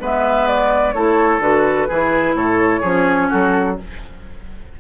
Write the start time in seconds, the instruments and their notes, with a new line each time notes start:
0.00 bassoon G#3, clarinet B3, oboe B4, flute E5
0.47 flute D5
0.93 bassoon A3, clarinet E4, oboe A4, flute C#5
1.39 bassoon D3, clarinet F#4, flute B4
1.88 bassoon E3, clarinet E4, oboe G#4
2.34 bassoon A2, oboe A4, flute C#5
2.81 bassoon F3, clarinet C#4, oboe G#4
3.29 bassoon F#3, oboe F#4, flute A4